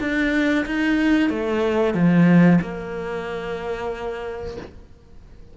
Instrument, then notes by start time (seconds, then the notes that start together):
cello
0.00 D4
0.66 D#4
1.30 A3
1.94 F3
2.61 A#3